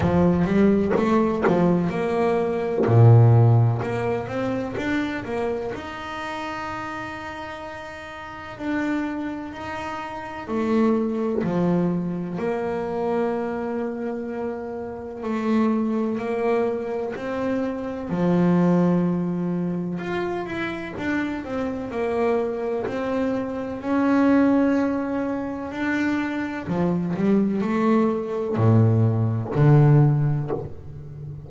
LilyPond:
\new Staff \with { instrumentName = "double bass" } { \time 4/4 \tempo 4 = 63 f8 g8 a8 f8 ais4 ais,4 | ais8 c'8 d'8 ais8 dis'2~ | dis'4 d'4 dis'4 a4 | f4 ais2. |
a4 ais4 c'4 f4~ | f4 f'8 e'8 d'8 c'8 ais4 | c'4 cis'2 d'4 | f8 g8 a4 a,4 d4 | }